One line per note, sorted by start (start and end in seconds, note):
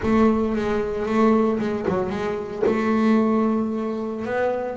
0.02 0.55 A3
0.55 1.05 G#3
1.05 1.59 A3
1.59 1.86 G#3
1.88 2.09 F#3
2.09 2.62 G#3
2.66 4.25 A3
4.25 4.77 B3